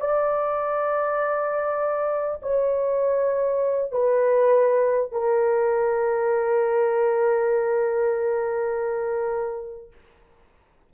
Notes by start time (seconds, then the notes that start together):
0.00 D5
2.42 C#5
3.92 B4
5.12 A#4